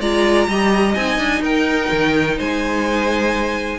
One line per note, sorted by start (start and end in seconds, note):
0.00 0.48 G#3
0.00 0.49 F4
0.00 0.47 D5
0.00 0.94 A#5
0.48 0.95 G3
0.48 0.97 G4
0.48 1.42 D#5
0.94 1.18 C4
0.94 3.79 D#4
0.94 1.42 G#5
1.18 1.40 D4
1.40 1.88 D#4
1.40 2.36 A#4
1.40 2.38 G5
1.92 2.39 D#3
2.37 3.79 G#3
2.37 3.79 C5
2.37 3.79 G#5